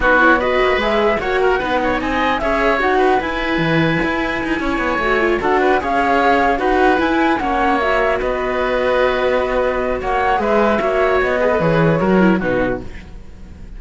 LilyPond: <<
  \new Staff \with { instrumentName = "flute" } { \time 4/4 \tempo 4 = 150 b'8 cis''8 dis''4 e''4 fis''4~ | fis''4 gis''4 e''4 fis''4 | gis''1~ | gis''4. fis''4 f''4.~ |
f''8 fis''4 gis''4 fis''4 e''8~ | e''8 dis''2.~ dis''8~ | dis''4 fis''4 e''2 | dis''4 cis''2 b'4 | }
  \new Staff \with { instrumentName = "oboe" } { \time 4/4 fis'4 b'2 cis''8 ais'8 | b'8 cis''8 dis''4 cis''4. b'8~ | b'2.~ b'8 cis''8~ | cis''4. a'8 b'8 cis''4.~ |
cis''8 b'2 cis''4.~ | cis''8 b'2.~ b'8~ | b'4 cis''4 b'4 cis''4~ | cis''8 b'4. ais'4 fis'4 | }
  \new Staff \with { instrumentName = "viola" } { \time 4/4 dis'8 e'8 fis'4 gis'4 fis'4 | dis'2 gis'4 fis'4 | e'1~ | e'8 fis'8 f'8 fis'4 gis'4.~ |
gis'8 fis'4 e'4 cis'4 fis'8~ | fis'1~ | fis'2 gis'4 fis'4~ | fis'8 gis'16 a'16 gis'4 fis'8 e'8 dis'4 | }
  \new Staff \with { instrumentName = "cello" } { \time 4/4 b4. ais8 gis4 ais4 | b4 c'4 cis'4 dis'4 | e'4 e4 e'4 dis'8 cis'8 | b8 a4 d'4 cis'4.~ |
cis'8 dis'4 e'4 ais4.~ | ais8 b2.~ b8~ | b4 ais4 gis4 ais4 | b4 e4 fis4 b,4 | }
>>